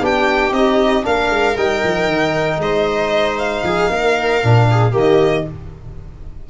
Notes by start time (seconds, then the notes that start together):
0.00 B3 D4 G4 G5
0.52 C4 D#4 D#5
1.03 A#3 D4 A#4 F5
1.30 G#3
1.57 G3 D#4 G5
1.84 F3
2.07 D#3
2.58 G#3 C5 D#5
3.39 F5
3.63 F3 G#4
3.90 A#3 A#4
4.42 A#2 D4
4.71 G#4
4.91 D#3 A#3 G4
4.98 D#5